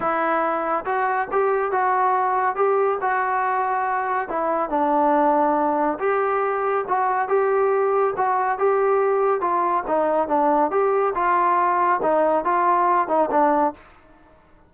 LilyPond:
\new Staff \with { instrumentName = "trombone" } { \time 4/4 \tempo 4 = 140 e'2 fis'4 g'4 | fis'2 g'4 fis'4~ | fis'2 e'4 d'4~ | d'2 g'2 |
fis'4 g'2 fis'4 | g'2 f'4 dis'4 | d'4 g'4 f'2 | dis'4 f'4. dis'8 d'4 | }